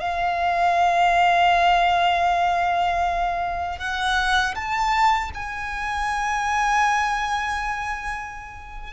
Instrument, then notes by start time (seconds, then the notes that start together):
violin
0.00 F5
3.79 F#5
4.55 A5
5.34 G#5